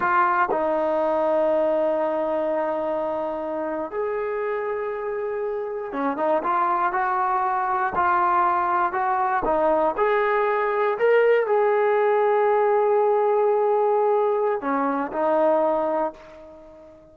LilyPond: \new Staff \with { instrumentName = "trombone" } { \time 4/4 \tempo 4 = 119 f'4 dis'2.~ | dis'2.~ dis'8. gis'16~ | gis'2.~ gis'8. cis'16~ | cis'16 dis'8 f'4 fis'2 f'16~ |
f'4.~ f'16 fis'4 dis'4 gis'16~ | gis'4.~ gis'16 ais'4 gis'4~ gis'16~ | gis'1~ | gis'4 cis'4 dis'2 | }